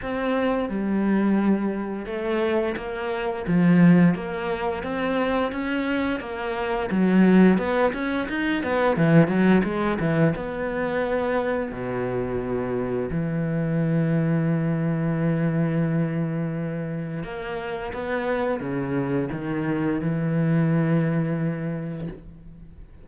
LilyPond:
\new Staff \with { instrumentName = "cello" } { \time 4/4 \tempo 4 = 87 c'4 g2 a4 | ais4 f4 ais4 c'4 | cis'4 ais4 fis4 b8 cis'8 | dis'8 b8 e8 fis8 gis8 e8 b4~ |
b4 b,2 e4~ | e1~ | e4 ais4 b4 cis4 | dis4 e2. | }